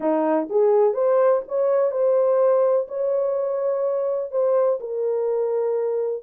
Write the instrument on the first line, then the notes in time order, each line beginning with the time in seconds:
horn
0.00 D#4
0.49 G#4
0.93 C5
1.47 C#5
1.91 C5
2.88 C#5
4.31 C5
4.79 A#4